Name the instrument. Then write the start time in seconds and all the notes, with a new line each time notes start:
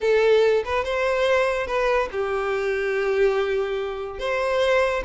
violin
0.00 A4
0.64 B4
0.84 C5
1.66 B4
2.11 G4
4.19 C5